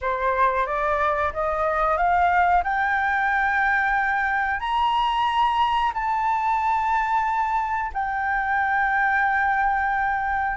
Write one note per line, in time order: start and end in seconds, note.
0.01 0.66 C5
0.66 1.32 D5
1.33 1.97 D#5
1.97 2.63 F5
2.63 4.60 G5
4.60 5.92 A#5
5.93 7.91 A5
7.93 10.56 G5